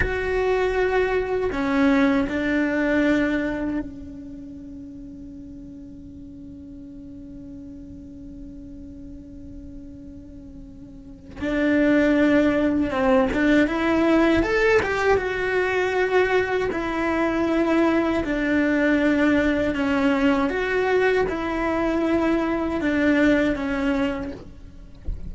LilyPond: \new Staff \with { instrumentName = "cello" } { \time 4/4 \tempo 4 = 79 fis'2 cis'4 d'4~ | d'4 cis'2.~ | cis'1~ | cis'2. d'4~ |
d'4 c'8 d'8 e'4 a'8 g'8 | fis'2 e'2 | d'2 cis'4 fis'4 | e'2 d'4 cis'4 | }